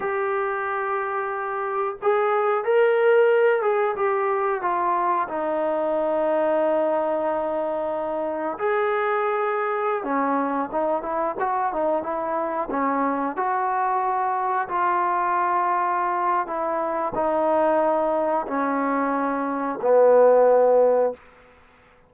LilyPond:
\new Staff \with { instrumentName = "trombone" } { \time 4/4 \tempo 4 = 91 g'2. gis'4 | ais'4. gis'8 g'4 f'4 | dis'1~ | dis'4 gis'2~ gis'16 cis'8.~ |
cis'16 dis'8 e'8 fis'8 dis'8 e'4 cis'8.~ | cis'16 fis'2 f'4.~ f'16~ | f'4 e'4 dis'2 | cis'2 b2 | }